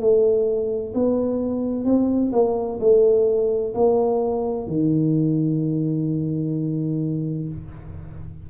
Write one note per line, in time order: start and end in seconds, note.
0.00 0.94 A3
0.95 1.85 B3
1.85 2.31 C4
2.32 2.79 A#3
2.80 3.74 A3
3.74 4.67 A#3
4.67 7.49 D#3